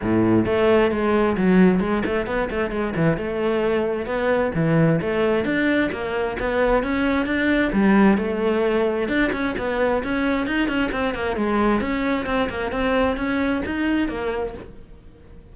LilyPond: \new Staff \with { instrumentName = "cello" } { \time 4/4 \tempo 4 = 132 a,4 a4 gis4 fis4 | gis8 a8 b8 a8 gis8 e8 a4~ | a4 b4 e4 a4 | d'4 ais4 b4 cis'4 |
d'4 g4 a2 | d'8 cis'8 b4 cis'4 dis'8 cis'8 | c'8 ais8 gis4 cis'4 c'8 ais8 | c'4 cis'4 dis'4 ais4 | }